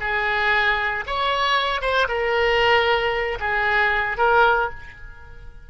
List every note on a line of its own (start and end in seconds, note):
0.00 1.04 G#4
1.06 1.81 C#5
1.81 2.07 C5
2.08 3.38 A#4
3.40 4.17 G#4
4.17 4.70 A#4